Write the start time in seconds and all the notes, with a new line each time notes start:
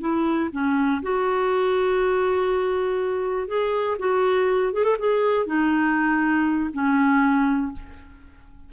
0.00 E4
0.52 C#4
1.02 F#4
3.48 G#4
3.98 F#4
4.73 G#4
4.84 A4
4.99 G#4
5.46 D#4
6.73 C#4